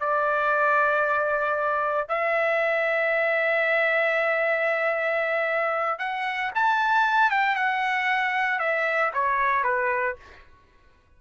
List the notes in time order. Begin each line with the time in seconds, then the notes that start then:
0.00 D5
2.08 E5
5.99 F#5
6.55 A5
7.30 G5
7.56 F#5
8.59 E5
9.14 C#5
9.64 B4